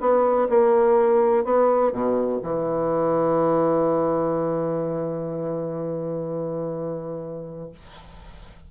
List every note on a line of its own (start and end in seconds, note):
0.00 0.48 B3
0.49 1.44 A#3
1.44 1.92 B3
1.92 2.40 B2
2.42 7.70 E3